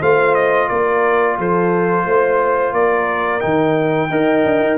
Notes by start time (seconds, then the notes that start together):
0.00 A3 F4 C5 F5
0.35 D#5
0.68 A#3 A#4 D5
1.37 F3 A4 C5
2.05 A3 C5
2.72 A#3 A#4 D5
3.40 D#3 D#4 G5
4.10 D#4 A#4 D#5
4.44 D4
4.60 D#4